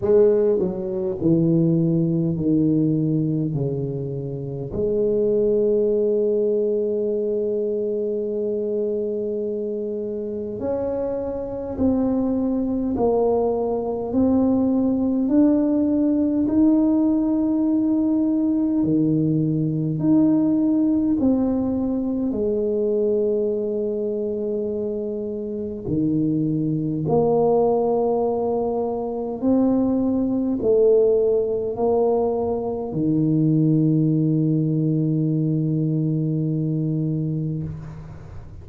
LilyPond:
\new Staff \with { instrumentName = "tuba" } { \time 4/4 \tempo 4 = 51 gis8 fis8 e4 dis4 cis4 | gis1~ | gis4 cis'4 c'4 ais4 | c'4 d'4 dis'2 |
dis4 dis'4 c'4 gis4~ | gis2 dis4 ais4~ | ais4 c'4 a4 ais4 | dis1 | }